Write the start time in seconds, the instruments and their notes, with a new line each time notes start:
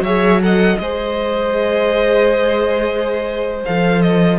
0.00 cello F#3, viola G#4, violin C#5 E5
0.40 viola A4, violin D#5 F#5
0.77 cello G#3, viola G#4, violin C5 D#5
3.65 cello F3, viola A4, violin F5
4.01 violin D#5